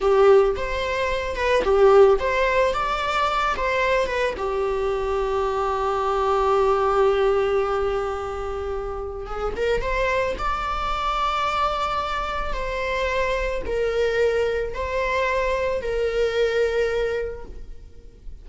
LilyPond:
\new Staff \with { instrumentName = "viola" } { \time 4/4 \tempo 4 = 110 g'4 c''4. b'8 g'4 | c''4 d''4. c''4 b'8 | g'1~ | g'1~ |
g'4 gis'8 ais'8 c''4 d''4~ | d''2. c''4~ | c''4 ais'2 c''4~ | c''4 ais'2. | }